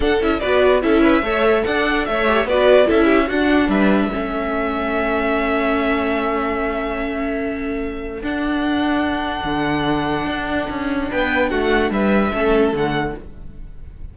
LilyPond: <<
  \new Staff \with { instrumentName = "violin" } { \time 4/4 \tempo 4 = 146 fis''8 e''8 d''4 e''2 | fis''4 e''4 d''4 e''4 | fis''4 e''2.~ | e''1~ |
e''1 | fis''1~ | fis''2. g''4 | fis''4 e''2 fis''4 | }
  \new Staff \with { instrumentName = "violin" } { \time 4/4 a'4 b'4 a'8 b'8 cis''4 | d''4 cis''4 b'4 a'8 g'8 | fis'4 b'4 a'2~ | a'1~ |
a'1~ | a'1~ | a'2. b'4 | fis'4 b'4 a'2 | }
  \new Staff \with { instrumentName = "viola" } { \time 4/4 d'8 e'8 fis'4 e'4 a'4~ | a'4. g'8 fis'4 e'4 | d'2 cis'2~ | cis'1~ |
cis'1 | d'1~ | d'1~ | d'2 cis'4 a4 | }
  \new Staff \with { instrumentName = "cello" } { \time 4/4 d'8 cis'8 b4 cis'4 a4 | d'4 a4 b4 cis'4 | d'4 g4 a2~ | a1~ |
a1 | d'2. d4~ | d4 d'4 cis'4 b4 | a4 g4 a4 d4 | }
>>